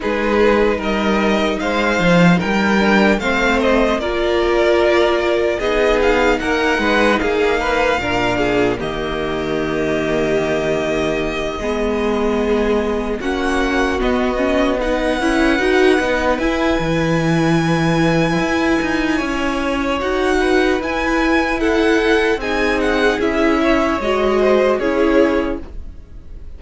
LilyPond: <<
  \new Staff \with { instrumentName = "violin" } { \time 4/4 \tempo 4 = 75 b'4 dis''4 f''4 g''4 | f''8 dis''8 d''2 dis''8 f''8 | fis''4 f''2 dis''4~ | dis''1~ |
dis''8 fis''4 dis''4 fis''4.~ | fis''8 gis''2.~ gis''8~ | gis''4 fis''4 gis''4 fis''4 | gis''8 fis''8 e''4 dis''4 cis''4 | }
  \new Staff \with { instrumentName = "violin" } { \time 4/4 gis'4 ais'4 c''4 ais'4 | c''4 ais'2 gis'4 | ais'8 b'8 gis'8 b'8 ais'8 gis'8 g'4~ | g'2~ g'8 gis'4.~ |
gis'8 fis'2 b'4.~ | b'1 | cis''4. b'4. a'4 | gis'4. cis''4 c''8 gis'4 | }
  \new Staff \with { instrumentName = "viola" } { \time 4/4 dis'2.~ dis'8 d'8 | c'4 f'2 dis'4~ | dis'2 d'4 ais4~ | ais2~ ais8 b4.~ |
b8 cis'4 b8 cis'8 dis'8 e'8 fis'8 | dis'8 e'2.~ e'8~ | e'4 fis'4 e'2 | dis'4 e'4 fis'4 e'4 | }
  \new Staff \with { instrumentName = "cello" } { \time 4/4 gis4 g4 gis8 f8 g4 | a4 ais2 b4 | ais8 gis8 ais4 ais,4 dis4~ | dis2~ dis8 gis4.~ |
gis8 ais4 b4. cis'8 dis'8 | b8 e'8 e2 e'8 dis'8 | cis'4 dis'4 e'2 | c'4 cis'4 gis4 cis'4 | }
>>